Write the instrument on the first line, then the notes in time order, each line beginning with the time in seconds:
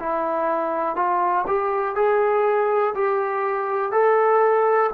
trombone
0.00 E4
0.96 F4
1.47 G4
1.95 G#4
2.95 G4
3.92 A4